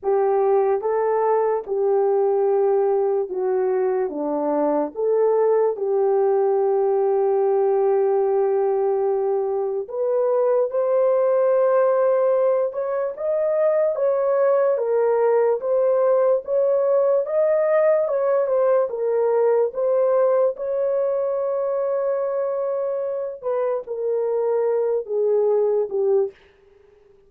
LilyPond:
\new Staff \with { instrumentName = "horn" } { \time 4/4 \tempo 4 = 73 g'4 a'4 g'2 | fis'4 d'4 a'4 g'4~ | g'1 | b'4 c''2~ c''8 cis''8 |
dis''4 cis''4 ais'4 c''4 | cis''4 dis''4 cis''8 c''8 ais'4 | c''4 cis''2.~ | cis''8 b'8 ais'4. gis'4 g'8 | }